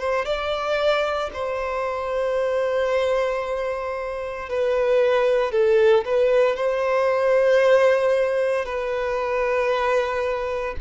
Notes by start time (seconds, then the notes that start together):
0.00 C5
0.26 D5
1.34 C5
4.50 B4
5.52 A4
6.05 B4
6.56 C5
8.66 B4